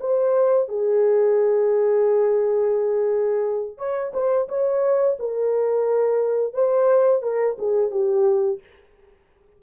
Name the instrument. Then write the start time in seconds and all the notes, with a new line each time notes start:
horn
0.00 C5
0.69 G#4
3.78 C#5
4.14 C5
4.49 C#5
5.19 A#4
6.54 C5
7.23 A#4
7.59 G#4
7.91 G4